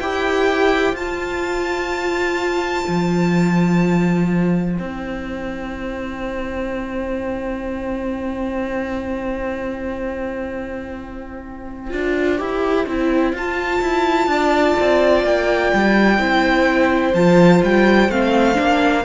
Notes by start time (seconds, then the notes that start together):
0.00 E4 G4 C5 G5
0.93 F4 A5
2.88 F3
4.76 C4 E4 G5
11.91 D4 F4
12.38 E4 G4
12.87 C4 E4
13.33 F4 A5
13.81 E4
14.27 D4 D5
14.80 C4
15.24 A#3 G5
15.74 G3
16.18 C4 E4 C5
17.14 F3 F4 A5
17.63 G3 G5
18.10 A3 C4 F5
18.55 A#3 D4